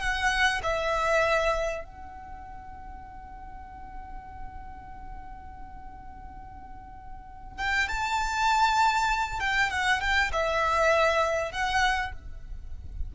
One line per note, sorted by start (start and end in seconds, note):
0.00 0.61 F#5
0.63 1.84 E5
1.84 7.58 F#5
7.58 7.88 G5
7.88 9.39 A5
9.39 9.70 G5
9.70 10.00 F#5
10.00 10.31 G5
10.32 11.51 E5
11.51 12.12 F#5